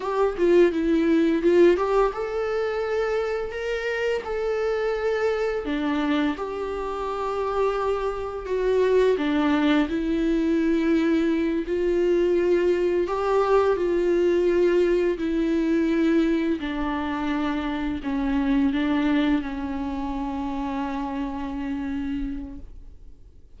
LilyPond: \new Staff \with { instrumentName = "viola" } { \time 4/4 \tempo 4 = 85 g'8 f'8 e'4 f'8 g'8 a'4~ | a'4 ais'4 a'2 | d'4 g'2. | fis'4 d'4 e'2~ |
e'8 f'2 g'4 f'8~ | f'4. e'2 d'8~ | d'4. cis'4 d'4 cis'8~ | cis'1 | }